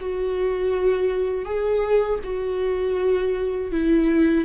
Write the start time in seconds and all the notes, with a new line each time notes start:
0.00 F#4
1.45 G#4
2.24 F#4
3.72 E4